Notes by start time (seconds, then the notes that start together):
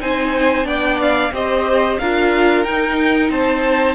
0.00 C4 D#4 C5 G#5
0.64 B3 D4 D5 G5
1.01 F5
1.32 C4 G4 C5 D#5
1.99 D4 F4 A#4 F5
2.64 D#4 G5
3.29 C4 C5 A5